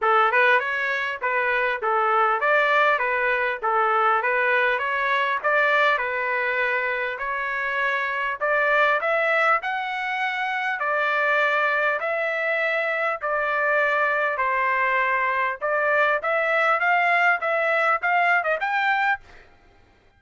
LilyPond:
\new Staff \with { instrumentName = "trumpet" } { \time 4/4 \tempo 4 = 100 a'8 b'8 cis''4 b'4 a'4 | d''4 b'4 a'4 b'4 | cis''4 d''4 b'2 | cis''2 d''4 e''4 |
fis''2 d''2 | e''2 d''2 | c''2 d''4 e''4 | f''4 e''4 f''8. dis''16 g''4 | }